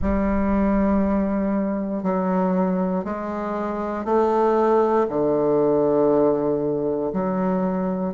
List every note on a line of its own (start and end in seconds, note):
0.01 2.03 G3
2.03 3.04 F#3
3.04 4.04 G#3
4.04 5.06 A3
5.08 7.12 D3
7.12 8.14 F#3